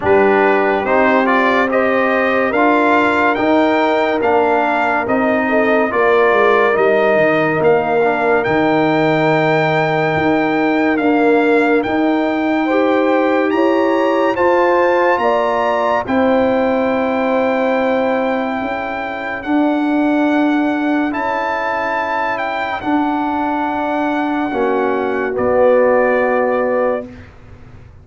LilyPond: <<
  \new Staff \with { instrumentName = "trumpet" } { \time 4/4 \tempo 4 = 71 b'4 c''8 d''8 dis''4 f''4 | g''4 f''4 dis''4 d''4 | dis''4 f''4 g''2~ | g''4 f''4 g''2 |
ais''4 a''4 ais''4 g''4~ | g''2. fis''4~ | fis''4 a''4. g''8 fis''4~ | fis''2 d''2 | }
  \new Staff \with { instrumentName = "horn" } { \time 4/4 g'2 c''4 ais'4~ | ais'2~ ais'8 a'8 ais'4~ | ais'1~ | ais'2. c''4 |
cis''4 c''4 d''4 c''4~ | c''2 a'2~ | a'1~ | a'4 fis'2. | }
  \new Staff \with { instrumentName = "trombone" } { \time 4/4 d'4 dis'8 f'8 g'4 f'4 | dis'4 d'4 dis'4 f'4 | dis'4. d'8 dis'2~ | dis'4 ais4 dis'4 g'4~ |
g'4 f'2 e'4~ | e'2. d'4~ | d'4 e'2 d'4~ | d'4 cis'4 b2 | }
  \new Staff \with { instrumentName = "tuba" } { \time 4/4 g4 c'2 d'4 | dis'4 ais4 c'4 ais8 gis8 | g8 dis8 ais4 dis2 | dis'4 d'4 dis'2 |
e'4 f'4 ais4 c'4~ | c'2 cis'4 d'4~ | d'4 cis'2 d'4~ | d'4 ais4 b2 | }
>>